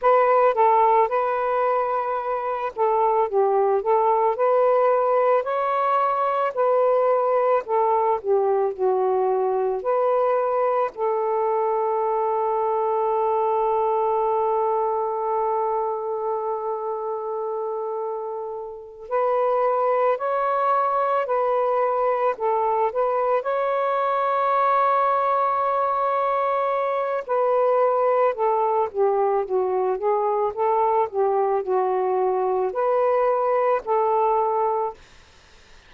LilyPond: \new Staff \with { instrumentName = "saxophone" } { \time 4/4 \tempo 4 = 55 b'8 a'8 b'4. a'8 g'8 a'8 | b'4 cis''4 b'4 a'8 g'8 | fis'4 b'4 a'2~ | a'1~ |
a'4. b'4 cis''4 b'8~ | b'8 a'8 b'8 cis''2~ cis''8~ | cis''4 b'4 a'8 g'8 fis'8 gis'8 | a'8 g'8 fis'4 b'4 a'4 | }